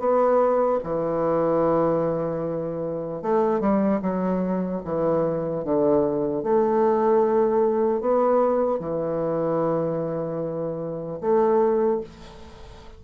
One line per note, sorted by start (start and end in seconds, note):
0.00 0.80 B3
0.84 3.23 E3
3.23 3.60 A3
3.60 4.00 G3
4.02 4.82 F#3
4.85 5.64 E3
5.64 6.44 D3
6.44 8.01 A3
8.01 8.80 B3
8.80 11.20 E3
11.21 12.01 A3